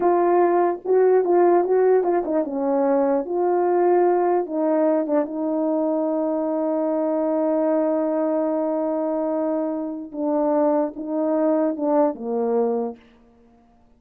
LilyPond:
\new Staff \with { instrumentName = "horn" } { \time 4/4 \tempo 4 = 148 f'2 fis'4 f'4 | fis'4 f'8 dis'8 cis'2 | f'2. dis'4~ | dis'8 d'8 dis'2.~ |
dis'1~ | dis'1~ | dis'4 d'2 dis'4~ | dis'4 d'4 ais2 | }